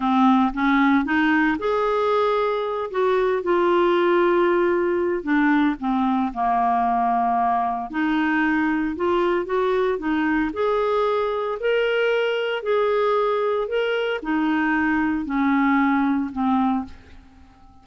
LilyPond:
\new Staff \with { instrumentName = "clarinet" } { \time 4/4 \tempo 4 = 114 c'4 cis'4 dis'4 gis'4~ | gis'4. fis'4 f'4.~ | f'2 d'4 c'4 | ais2. dis'4~ |
dis'4 f'4 fis'4 dis'4 | gis'2 ais'2 | gis'2 ais'4 dis'4~ | dis'4 cis'2 c'4 | }